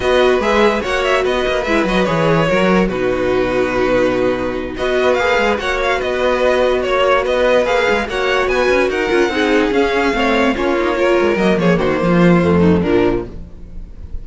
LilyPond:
<<
  \new Staff \with { instrumentName = "violin" } { \time 4/4 \tempo 4 = 145 dis''4 e''4 fis''8 e''8 dis''4 | e''8 dis''8 cis''2 b'4~ | b'2.~ b'8 dis''8~ | dis''8 f''4 fis''8 f''8 dis''4.~ |
dis''8 cis''4 dis''4 f''4 fis''8~ | fis''8 gis''4 fis''2 f''8~ | f''4. cis''2 dis''8 | cis''8 c''2~ c''8 ais'4 | }
  \new Staff \with { instrumentName = "violin" } { \time 4/4 b'2 cis''4 b'4~ | b'2 ais'4 fis'4~ | fis'2.~ fis'8 b'8~ | b'4. cis''4 b'4.~ |
b'8 cis''4 b'2 cis''8~ | cis''8 b'4 ais'4 gis'4.~ | gis'8 cis''4 f'4 ais'4. | gis'8 fis'8 f'4. dis'8 d'4 | }
  \new Staff \with { instrumentName = "viola" } { \time 4/4 fis'4 gis'4 fis'2 | e'8 fis'8 gis'4 fis'4 dis'4~ | dis'2.~ dis'8 fis'8~ | fis'8 gis'4 fis'2~ fis'8~ |
fis'2~ fis'8 gis'4 fis'8~ | fis'2 f'8 dis'4 cis'8~ | cis'8 c'4 cis'8 dis'8 f'4 ais8~ | ais2 a4 f4 | }
  \new Staff \with { instrumentName = "cello" } { \time 4/4 b4 gis4 ais4 b8 ais8 | gis8 fis8 e4 fis4 b,4~ | b,2.~ b,8 b8~ | b8 ais8 gis8 ais4 b4.~ |
b8 ais4 b4 ais8 gis8 ais8~ | ais8 b8 cis'8 dis'8 cis'8 c'4 cis'8~ | cis'8 a4 ais4. gis8 fis8 | f8 dis8 f4 f,4 ais,4 | }
>>